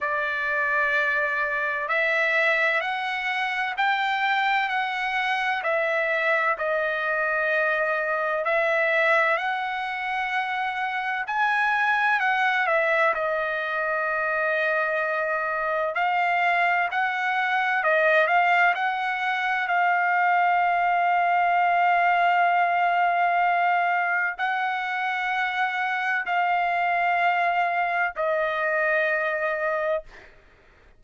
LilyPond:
\new Staff \with { instrumentName = "trumpet" } { \time 4/4 \tempo 4 = 64 d''2 e''4 fis''4 | g''4 fis''4 e''4 dis''4~ | dis''4 e''4 fis''2 | gis''4 fis''8 e''8 dis''2~ |
dis''4 f''4 fis''4 dis''8 f''8 | fis''4 f''2.~ | f''2 fis''2 | f''2 dis''2 | }